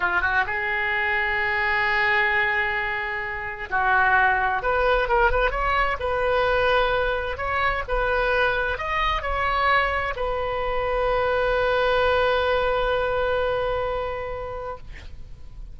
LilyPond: \new Staff \with { instrumentName = "oboe" } { \time 4/4 \tempo 4 = 130 f'8 fis'8 gis'2.~ | gis'1 | fis'2 b'4 ais'8 b'8 | cis''4 b'2. |
cis''4 b'2 dis''4 | cis''2 b'2~ | b'1~ | b'1 | }